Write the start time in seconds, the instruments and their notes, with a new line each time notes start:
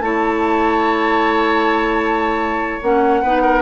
0.00 bassoon A3, clarinet E4, oboe C#5, flute A5
2.82 bassoon A#3, clarinet C#4, flute F#5
3.22 bassoon B3, clarinet D#4, oboe B4
3.42 oboe A#4